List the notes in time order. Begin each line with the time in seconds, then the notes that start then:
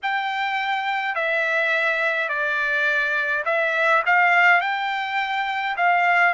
0.02 G5
1.15 E5
2.28 D5
3.45 E5
4.06 F5
4.60 G5
5.76 F5